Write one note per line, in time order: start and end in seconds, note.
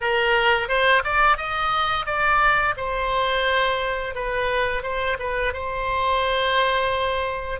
0.00 0.68 A#4
0.68 1.02 C5
1.03 1.37 D5
1.37 2.06 D#5
2.06 2.75 D5
2.76 4.14 C5
4.14 4.82 B4
4.82 5.17 C5
5.19 5.53 B4
5.53 7.60 C5